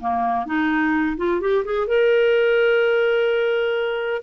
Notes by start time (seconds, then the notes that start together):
0.00 A#3
0.46 D#4
1.17 F4
1.40 G4
1.64 G#4
1.87 A#4